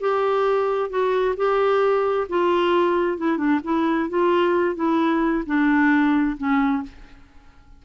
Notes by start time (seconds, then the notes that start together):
0.00 G4
0.90 F#4
1.36 G4
2.29 F4
3.18 E4
3.37 D4
3.64 E4
4.09 F4
4.75 E4
5.46 D4
6.37 C#4